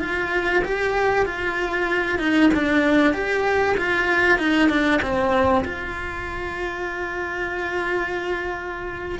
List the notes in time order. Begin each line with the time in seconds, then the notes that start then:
0.00 F4
0.64 G4
1.25 F4
2.19 D#4
2.54 D4
3.13 G4
3.77 F4
4.38 D#4
4.69 D4
5.02 C4
5.64 F4